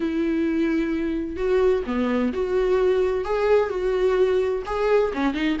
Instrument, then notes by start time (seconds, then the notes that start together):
viola
0.00 E4
1.36 F#4
1.86 B3
2.33 F#4
3.25 G#4
3.69 F#4
4.66 G#4
5.13 C#4
5.34 D#4